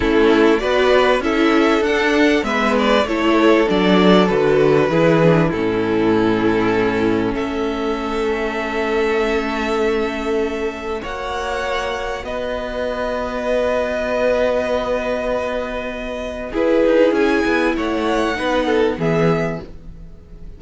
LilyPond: <<
  \new Staff \with { instrumentName = "violin" } { \time 4/4 \tempo 4 = 98 a'4 d''4 e''4 fis''4 | e''8 d''8 cis''4 d''4 b'4~ | b'4 a'2. | e''1~ |
e''2 fis''2 | dis''1~ | dis''2. b'4 | gis''4 fis''2 e''4 | }
  \new Staff \with { instrumentName = "violin" } { \time 4/4 e'4 b'4 a'2 | b'4 a'2. | gis'4 e'2. | a'1~ |
a'2 cis''2 | b'1~ | b'2. gis'4~ | gis'4 cis''4 b'8 a'8 gis'4 | }
  \new Staff \with { instrumentName = "viola" } { \time 4/4 cis'4 fis'4 e'4 d'4 | b4 e'4 d'4 fis'4 | e'8 d'8 cis'2.~ | cis'1~ |
cis'2 fis'2~ | fis'1~ | fis'2. e'4~ | e'2 dis'4 b4 | }
  \new Staff \with { instrumentName = "cello" } { \time 4/4 a4 b4 cis'4 d'4 | gis4 a4 fis4 d4 | e4 a,2. | a1~ |
a2 ais2 | b1~ | b2. e'8 dis'8 | cis'8 b8 a4 b4 e4 | }
>>